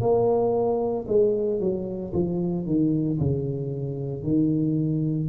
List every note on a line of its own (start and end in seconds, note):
0.00 1.05 A#3
1.07 1.59 G#3
1.59 2.12 F#3
2.13 2.66 F3
2.66 3.18 D#3
3.19 4.23 C#3
4.23 5.28 D#3